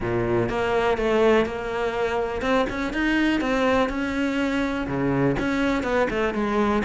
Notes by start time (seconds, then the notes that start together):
0.00 A#2
0.49 A#3
0.97 A3
1.45 A#3
2.41 C4
2.69 C#4
2.93 D#4
3.40 C4
3.89 C#4
4.87 C#3
5.39 C#4
5.83 B3
6.10 A3
6.34 G#3